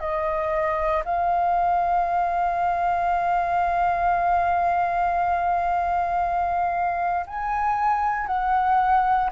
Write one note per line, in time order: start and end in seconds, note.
0.00 1.03 D#5
1.05 7.26 F5
7.27 8.27 G#5
8.27 9.31 F#5